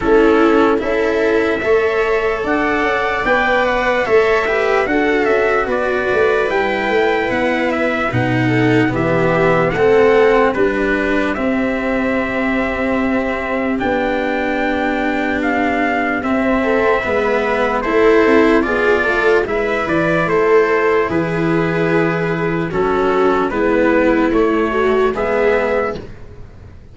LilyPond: <<
  \new Staff \with { instrumentName = "trumpet" } { \time 4/4 \tempo 4 = 74 a'4 e''2 fis''4 | g''8 fis''8 e''4 fis''8 e''8 d''4 | g''4 fis''8 e''8 fis''4 e''4 | fis''4 b'4 e''2~ |
e''4 g''2 f''4 | e''2 c''4 d''4 | e''8 d''8 c''4 b'2 | a'4 b'4 cis''4 e''4 | }
  \new Staff \with { instrumentName = "viola" } { \time 4/4 e'4 a'4 cis''4 d''4~ | d''4 cis''8 b'8 a'4 b'4~ | b'2~ b'8 a'8 g'4 | a'4 g'2.~ |
g'1~ | g'8 a'8 b'4 a'4 gis'8 a'8 | b'4 a'4 gis'2 | fis'4 e'4. fis'8 gis'4 | }
  \new Staff \with { instrumentName = "cello" } { \time 4/4 cis'4 e'4 a'2 | b'4 a'8 g'8 fis'2 | e'2 dis'4 b4 | c'4 d'4 c'2~ |
c'4 d'2. | c'4 b4 e'4 f'4 | e'1 | cis'4 b4 a4 b4 | }
  \new Staff \with { instrumentName = "tuba" } { \time 4/4 a4 cis'4 a4 d'8 cis'8 | b4 a4 d'8 cis'8 b8 a8 | g8 a8 b4 b,4 e4 | a4 g4 c'2~ |
c'4 b2. | c'4 gis4 a8 c'8 b8 a8 | gis8 e8 a4 e2 | fis4 gis4 a4 gis4 | }
>>